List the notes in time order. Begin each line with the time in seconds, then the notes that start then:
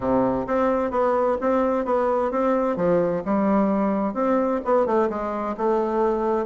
0.00 C3
0.47 C4
0.91 B3
1.40 C4
1.85 B3
2.31 C4
2.76 F3
3.25 G3
4.14 C4
4.64 B3
4.86 A3
5.09 G#3
5.57 A3